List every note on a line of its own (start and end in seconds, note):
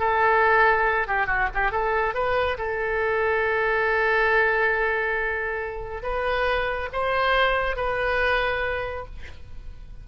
0.00 1.08 A4
1.08 1.27 G4
1.27 1.49 F#4
1.54 1.72 G4
1.72 2.15 A4
2.15 2.58 B4
2.58 6.03 A4
6.03 6.89 B4
6.93 7.77 C5
7.77 9.06 B4